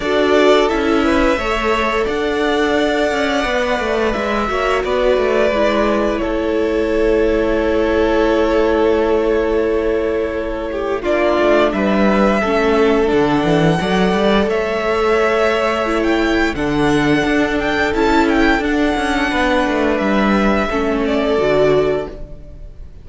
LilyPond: <<
  \new Staff \with { instrumentName = "violin" } { \time 4/4 \tempo 4 = 87 d''4 e''2 fis''4~ | fis''2 e''4 d''4~ | d''4 cis''2.~ | cis''1 |
d''4 e''2 fis''4~ | fis''4 e''2~ e''16 g''8. | fis''4. g''8 a''8 g''8 fis''4~ | fis''4 e''4. d''4. | }
  \new Staff \with { instrumentName = "violin" } { \time 4/4 a'4. b'8 cis''4 d''4~ | d''2~ d''8 cis''8 b'4~ | b'4 a'2.~ | a'2.~ a'8 g'8 |
f'4 b'4 a'2 | d''4 cis''2. | a'1 | b'2 a'2 | }
  \new Staff \with { instrumentName = "viola" } { \time 4/4 fis'4 e'4 a'2~ | a'4 b'4. fis'4. | e'1~ | e'1 |
d'2 cis'4 d'4 | a'2. e'4 | d'2 e'4 d'4~ | d'2 cis'4 fis'4 | }
  \new Staff \with { instrumentName = "cello" } { \time 4/4 d'4 cis'4 a4 d'4~ | d'8 cis'8 b8 a8 gis8 ais8 b8 a8 | gis4 a2.~ | a1 |
ais8 a8 g4 a4 d8 e8 | fis8 g8 a2. | d4 d'4 cis'4 d'8 cis'8 | b8 a8 g4 a4 d4 | }
>>